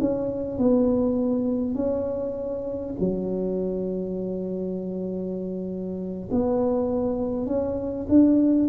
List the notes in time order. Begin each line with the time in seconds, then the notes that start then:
0.00 C#4
0.58 B3
1.75 C#4
2.99 F#3
6.31 B3
7.46 C#4
8.08 D4